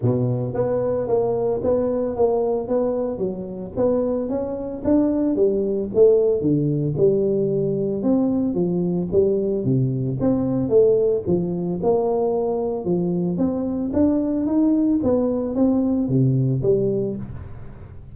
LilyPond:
\new Staff \with { instrumentName = "tuba" } { \time 4/4 \tempo 4 = 112 b,4 b4 ais4 b4 | ais4 b4 fis4 b4 | cis'4 d'4 g4 a4 | d4 g2 c'4 |
f4 g4 c4 c'4 | a4 f4 ais2 | f4 c'4 d'4 dis'4 | b4 c'4 c4 g4 | }